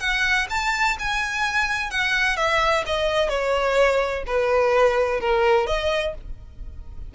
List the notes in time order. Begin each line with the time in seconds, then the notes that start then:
0.00 F#5
0.50 A5
0.99 G#5
1.91 F#5
2.37 E5
2.87 D#5
3.29 C#5
4.27 B4
5.20 A#4
5.67 D#5